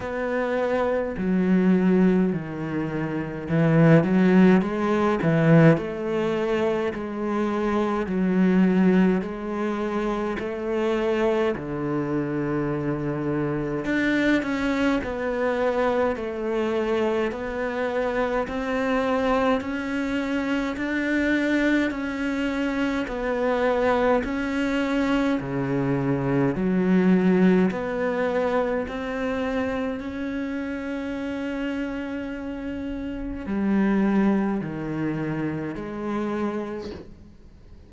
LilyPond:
\new Staff \with { instrumentName = "cello" } { \time 4/4 \tempo 4 = 52 b4 fis4 dis4 e8 fis8 | gis8 e8 a4 gis4 fis4 | gis4 a4 d2 | d'8 cis'8 b4 a4 b4 |
c'4 cis'4 d'4 cis'4 | b4 cis'4 cis4 fis4 | b4 c'4 cis'2~ | cis'4 g4 dis4 gis4 | }